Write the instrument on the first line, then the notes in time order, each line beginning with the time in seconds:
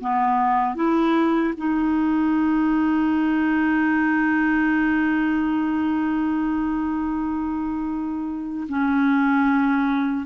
clarinet
0.00 B3
0.75 E4
1.56 D#4
8.68 C#4